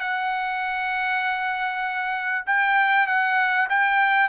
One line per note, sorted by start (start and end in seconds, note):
0.00 2.45 F#5
2.46 3.07 G5
3.07 3.68 F#5
3.69 4.29 G5